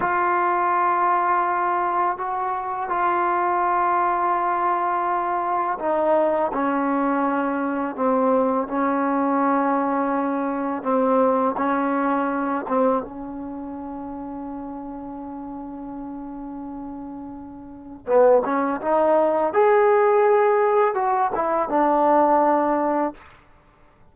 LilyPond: \new Staff \with { instrumentName = "trombone" } { \time 4/4 \tempo 4 = 83 f'2. fis'4 | f'1 | dis'4 cis'2 c'4 | cis'2. c'4 |
cis'4. c'8 cis'2~ | cis'1~ | cis'4 b8 cis'8 dis'4 gis'4~ | gis'4 fis'8 e'8 d'2 | }